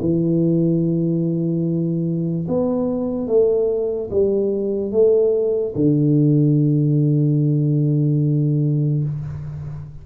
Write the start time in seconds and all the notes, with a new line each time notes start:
0.00 E3
2.48 B3
3.27 A3
4.10 G3
4.91 A3
5.75 D3